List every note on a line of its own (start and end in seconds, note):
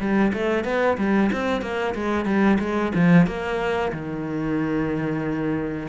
0.00 0.33 G3
0.33 0.65 A3
0.65 0.98 B3
0.98 1.30 G3
1.33 1.62 C4
1.62 1.94 A#3
1.95 2.26 G#3
2.26 2.58 G3
2.60 2.93 G#3
2.95 3.27 F3
3.27 3.92 A#3
3.92 5.88 D#3